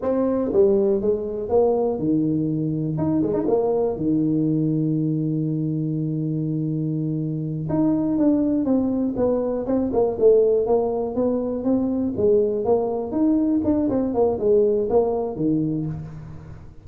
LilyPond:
\new Staff \with { instrumentName = "tuba" } { \time 4/4 \tempo 4 = 121 c'4 g4 gis4 ais4 | dis2 dis'8 gis16 dis'16 ais4 | dis1~ | dis2.~ dis8 dis'8~ |
dis'8 d'4 c'4 b4 c'8 | ais8 a4 ais4 b4 c'8~ | c'8 gis4 ais4 dis'4 d'8 | c'8 ais8 gis4 ais4 dis4 | }